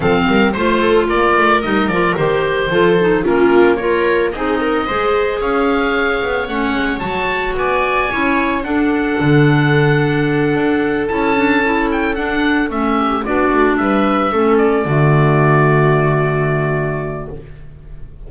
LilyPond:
<<
  \new Staff \with { instrumentName = "oboe" } { \time 4/4 \tempo 4 = 111 f''4 c''4 d''4 dis''8 d''8 | c''2 ais'4 cis''4 | dis''2 f''2 | fis''4 a''4 gis''2 |
fis''1~ | fis''8 a''4. g''8 fis''4 e''8~ | e''8 d''4 e''4. d''4~ | d''1 | }
  \new Staff \with { instrumentName = "viola" } { \time 4/4 a'8 ais'8 c''8 a'8 ais'2~ | ais'4 a'4 f'4 ais'4 | gis'8 ais'8 c''4 cis''2~ | cis''2 d''4 cis''4 |
a'1~ | a'1 | g'8 fis'4 b'4 a'4 fis'8~ | fis'1 | }
  \new Staff \with { instrumentName = "clarinet" } { \time 4/4 c'4 f'2 dis'8 f'8 | g'4 f'8 dis'8 cis'4 f'4 | dis'4 gis'2. | cis'4 fis'2 e'4 |
d'1~ | d'8 e'8 d'8 e'4 d'4 cis'8~ | cis'8 d'2 cis'4 a8~ | a1 | }
  \new Staff \with { instrumentName = "double bass" } { \time 4/4 f8 g8 a4 ais8 a8 g8 f8 | dis4 f4 ais2 | c'4 gis4 cis'4. b8 | a8 gis8 fis4 b4 cis'4 |
d'4 d2~ d8 d'8~ | d'8 cis'2 d'4 a8~ | a8 b8 a8 g4 a4 d8~ | d1 | }
>>